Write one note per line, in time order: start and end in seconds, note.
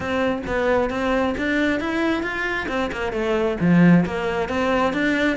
0.00 0.42 C4
0.46 0.90 B3
0.90 1.34 C4
1.37 1.80 D4
1.80 2.22 E4
2.22 2.67 F4
2.68 2.91 C4
2.92 3.12 A#3
3.12 3.57 A3
3.60 4.05 F3
4.05 4.48 A#3
4.48 4.93 C4
4.93 5.36 D4